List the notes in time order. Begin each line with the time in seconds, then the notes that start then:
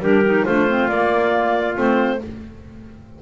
0.00 G3 D4 G4 A#4
0.26 D#4
0.46 A3 D4 F4 C5
0.68 C4
0.89 A#3 D5
1.75 A3 C4 C5